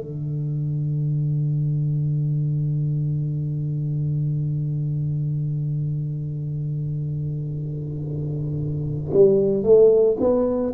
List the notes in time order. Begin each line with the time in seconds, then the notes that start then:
0.00 D3
9.13 G3
9.63 A3
10.19 B3